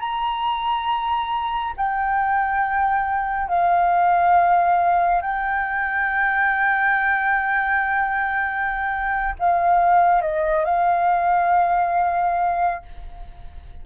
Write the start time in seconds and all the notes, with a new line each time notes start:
0.00 A#5
1.77 G5
3.49 F5
5.22 G5
9.40 F5
10.22 D#5
10.65 F5